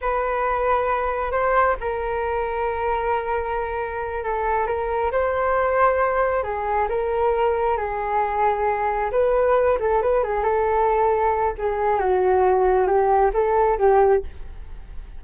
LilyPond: \new Staff \with { instrumentName = "flute" } { \time 4/4 \tempo 4 = 135 b'2. c''4 | ais'1~ | ais'4. a'4 ais'4 c''8~ | c''2~ c''8 gis'4 ais'8~ |
ais'4. gis'2~ gis'8~ | gis'8 b'4. a'8 b'8 gis'8 a'8~ | a'2 gis'4 fis'4~ | fis'4 g'4 a'4 g'4 | }